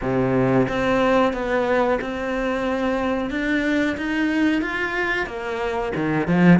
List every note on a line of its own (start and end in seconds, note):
0.01 0.67 C3
0.68 1.33 C4
1.33 1.99 B3
2.01 3.30 C4
3.30 3.96 D4
3.97 4.61 D#4
4.61 5.26 F4
5.26 5.92 A#3
5.95 6.27 D#3
6.27 6.59 F3